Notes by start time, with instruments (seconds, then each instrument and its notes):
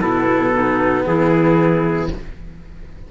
0.00 cello B2 B3, clarinet E4, trumpet A4
0.53 clarinet D#4
1.07 cello E3, clarinet E4, trumpet G#4